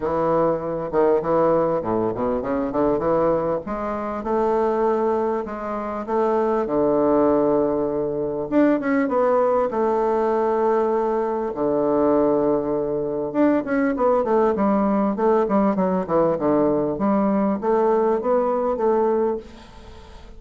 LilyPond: \new Staff \with { instrumentName = "bassoon" } { \time 4/4 \tempo 4 = 99 e4. dis8 e4 a,8 b,8 | cis8 d8 e4 gis4 a4~ | a4 gis4 a4 d4~ | d2 d'8 cis'8 b4 |
a2. d4~ | d2 d'8 cis'8 b8 a8 | g4 a8 g8 fis8 e8 d4 | g4 a4 b4 a4 | }